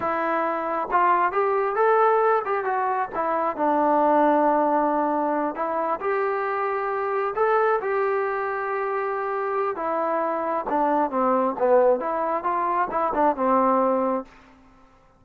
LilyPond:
\new Staff \with { instrumentName = "trombone" } { \time 4/4 \tempo 4 = 135 e'2 f'4 g'4 | a'4. g'8 fis'4 e'4 | d'1~ | d'8 e'4 g'2~ g'8~ |
g'8 a'4 g'2~ g'8~ | g'2 e'2 | d'4 c'4 b4 e'4 | f'4 e'8 d'8 c'2 | }